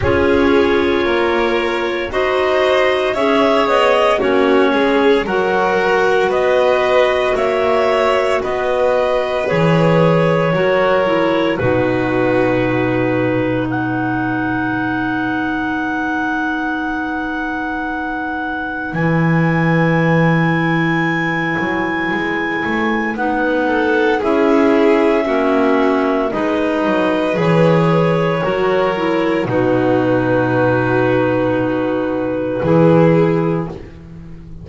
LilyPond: <<
  \new Staff \with { instrumentName = "clarinet" } { \time 4/4 \tempo 4 = 57 cis''2 dis''4 e''8 dis''8 | cis''4 fis''4 dis''4 e''4 | dis''4 cis''2 b'4~ | b'4 fis''2.~ |
fis''2 gis''2~ | gis''2 fis''4 e''4~ | e''4 dis''4 cis''2 | b'1 | }
  \new Staff \with { instrumentName = "violin" } { \time 4/4 gis'4 ais'4 c''4 cis''4 | fis'8 gis'8 ais'4 b'4 cis''4 | b'2 ais'4 fis'4~ | fis'4 b'2.~ |
b'1~ | b'2~ b'8 a'8 gis'4 | fis'4 b'2 ais'4 | fis'2. gis'4 | }
  \new Staff \with { instrumentName = "clarinet" } { \time 4/4 f'2 fis'4 gis'4 | cis'4 fis'2.~ | fis'4 gis'4 fis'8 e'8 dis'4~ | dis'1~ |
dis'2 e'2~ | e'2 dis'4 e'4 | cis'4 dis'4 gis'4 fis'8 e'8 | dis'2. e'4 | }
  \new Staff \with { instrumentName = "double bass" } { \time 4/4 cis'4 ais4 dis'4 cis'8 b8 | ais8 gis8 fis4 b4 ais4 | b4 e4 fis4 b,4~ | b,2 b2~ |
b2 e2~ | e8 fis8 gis8 a8 b4 cis'4 | ais4 gis8 fis8 e4 fis4 | b,2. e4 | }
>>